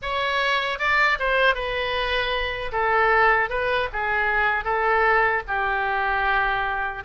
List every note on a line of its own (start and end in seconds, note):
0.02 0.79 C#5
0.79 1.18 D5
1.19 1.54 C5
1.54 2.71 B4
2.72 3.49 A4
3.49 3.88 B4
3.92 4.64 G#4
4.64 5.42 A4
5.47 7.03 G4